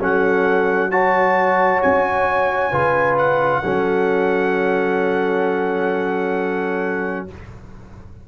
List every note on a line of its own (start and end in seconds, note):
0.00 1.82 F#3
0.00 0.91 C#4
0.00 0.90 A4
0.00 0.91 F#5
0.90 2.71 F#4
0.90 2.70 C#5
0.90 1.81 A5
1.82 2.71 C#4
1.82 3.17 G#5
2.70 3.62 C#3
2.70 3.62 F4
2.70 3.61 B4
3.17 7.26 F#5
3.63 7.28 F#3
3.63 7.27 C#4
3.63 7.26 A4